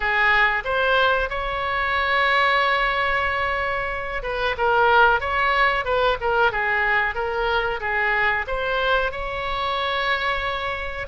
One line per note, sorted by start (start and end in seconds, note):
0.00 0.63 G#4
0.64 1.29 C5
1.29 4.22 C#5
4.22 4.55 B4
4.57 5.20 A#4
5.20 5.84 C#5
5.84 6.17 B4
6.20 6.51 A#4
6.51 7.14 G#4
7.14 7.80 A#4
7.80 8.45 G#4
8.47 9.11 C5
9.11 11.07 C#5